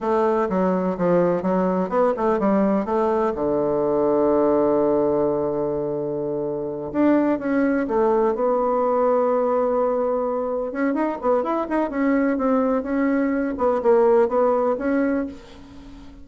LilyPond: \new Staff \with { instrumentName = "bassoon" } { \time 4/4 \tempo 4 = 126 a4 fis4 f4 fis4 | b8 a8 g4 a4 d4~ | d1~ | d2~ d8 d'4 cis'8~ |
cis'8 a4 b2~ b8~ | b2~ b8 cis'8 dis'8 b8 | e'8 dis'8 cis'4 c'4 cis'4~ | cis'8 b8 ais4 b4 cis'4 | }